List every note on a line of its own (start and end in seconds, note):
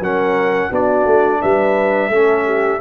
0.00 0.70 F#3
0.00 0.72 C#4
0.00 0.69 A#4
0.00 0.73 F#5
0.69 1.06 B3
0.69 2.11 D4
0.69 1.39 F#4
0.69 1.42 D5
1.06 1.41 A3
1.41 2.09 G3
1.41 2.11 B4
1.41 2.81 E5
2.09 2.79 A3
2.09 2.81 C#4
2.09 2.45 A4
2.45 2.80 G4